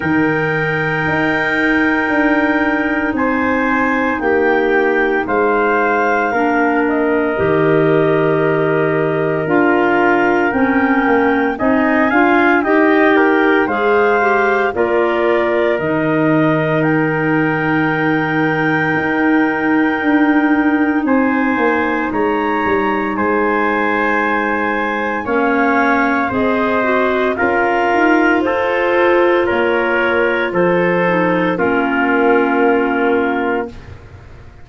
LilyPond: <<
  \new Staff \with { instrumentName = "clarinet" } { \time 4/4 \tempo 4 = 57 g''2. gis''4 | g''4 f''4. dis''4.~ | dis''4 f''4 g''4 gis''4 | g''4 f''4 d''4 dis''4 |
g''1 | gis''4 ais''4 gis''2 | f''4 dis''4 f''4 c''4 | cis''4 c''4 ais'2 | }
  \new Staff \with { instrumentName = "trumpet" } { \time 4/4 ais'2. c''4 | g'4 c''4 ais'2~ | ais'2. dis''8 f''8 | dis''8 ais'8 c''4 ais'2~ |
ais'1 | c''4 cis''4 c''2 | cis''4 c''4 ais'4 a'4 | ais'4 a'4 f'2 | }
  \new Staff \with { instrumentName = "clarinet" } { \time 4/4 dis'1~ | dis'2 d'4 g'4~ | g'4 f'4 cis'4 dis'8 f'8 | g'4 gis'8 g'8 f'4 dis'4~ |
dis'1~ | dis'1 | cis'4 gis'8 fis'8 f'2~ | f'4. dis'8 cis'2 | }
  \new Staff \with { instrumentName = "tuba" } { \time 4/4 dis4 dis'4 d'4 c'4 | ais4 gis4 ais4 dis4~ | dis4 d'4 c'8 ais8 c'8 d'8 | dis'4 gis4 ais4 dis4~ |
dis2 dis'4 d'4 | c'8 ais8 gis8 g8 gis2 | ais4 c'4 cis'8 dis'8 f'4 | ais4 f4 ais2 | }
>>